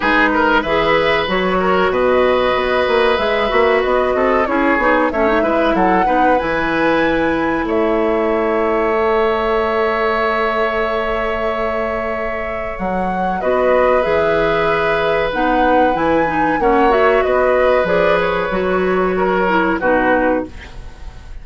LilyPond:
<<
  \new Staff \with { instrumentName = "flute" } { \time 4/4 \tempo 4 = 94 b'4 e''4 cis''4 dis''4~ | dis''4 e''4 dis''4 cis''4 | e''4 fis''4 gis''2 | e''1~ |
e''1 | fis''4 dis''4 e''2 | fis''4 gis''4 fis''8 e''8 dis''4 | d''8 cis''2~ cis''8 b'4 | }
  \new Staff \with { instrumentName = "oboe" } { \time 4/4 gis'8 ais'8 b'4. ais'8 b'4~ | b'2~ b'8 a'8 gis'4 | cis''8 b'8 a'8 b'2~ b'8 | cis''1~ |
cis''1~ | cis''4 b'2.~ | b'2 cis''4 b'4~ | b'2 ais'4 fis'4 | }
  \new Staff \with { instrumentName = "clarinet" } { \time 4/4 dis'4 gis'4 fis'2~ | fis'4 gis'8 fis'4. e'8 dis'8 | cis'16 dis'16 e'4 dis'8 e'2~ | e'2 a'2~ |
a'1~ | a'4 fis'4 gis'2 | dis'4 e'8 dis'8 cis'8 fis'4. | gis'4 fis'4. e'8 dis'4 | }
  \new Staff \with { instrumentName = "bassoon" } { \time 4/4 gis4 e4 fis4 b,4 | b8 ais8 gis8 ais8 b8 c'8 cis'8 b8 | a8 gis8 fis8 b8 e2 | a1~ |
a1 | fis4 b4 e2 | b4 e4 ais4 b4 | f4 fis2 b,4 | }
>>